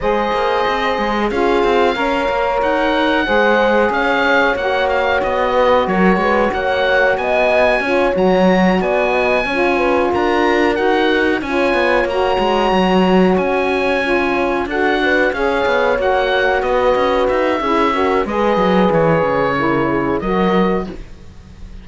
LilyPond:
<<
  \new Staff \with { instrumentName = "oboe" } { \time 4/4 \tempo 4 = 92 dis''2 f''2 | fis''2 f''4 fis''8 f''8 | dis''4 cis''4 fis''4 gis''4~ | gis''8 ais''4 gis''2 ais''8~ |
ais''8 fis''4 gis''4 ais''4.~ | ais''8 gis''2 fis''4 f''8~ | f''8 fis''4 dis''4 e''4. | dis''4 cis''2 dis''4 | }
  \new Staff \with { instrumentName = "horn" } { \time 4/4 c''2 gis'4 cis''4~ | cis''4 c''4 cis''2~ | cis''8 b'8 ais'8 b'8 cis''4 dis''4 | cis''4. d''8 dis''8 cis''8 b'8 ais'8~ |
ais'4. cis''2~ cis''8~ | cis''2~ cis''8 a'8 b'8 cis''8~ | cis''4. b'4. gis'8 ais'8 | b'2 ais'8 gis'8 ais'4 | }
  \new Staff \with { instrumentName = "saxophone" } { \time 4/4 gis'2 f'4 ais'4~ | ais'4 gis'2 fis'4~ | fis'1 | f'8 fis'2 f'4.~ |
f'8 fis'4 f'4 fis'4.~ | fis'4. f'4 fis'4 gis'8~ | gis'8 fis'2~ fis'8 e'8 fis'8 | gis'2 e'4 fis'4 | }
  \new Staff \with { instrumentName = "cello" } { \time 4/4 gis8 ais8 c'8 gis8 cis'8 c'8 cis'8 ais8 | dis'4 gis4 cis'4 ais4 | b4 fis8 gis8 ais4 b4 | cis'8 fis4 b4 cis'4 d'8~ |
d'8 dis'4 cis'8 b8 ais8 gis8 fis8~ | fis8 cis'2 d'4 cis'8 | b8 ais4 b8 cis'8 dis'8 cis'4 | gis8 fis8 e8 cis4. fis4 | }
>>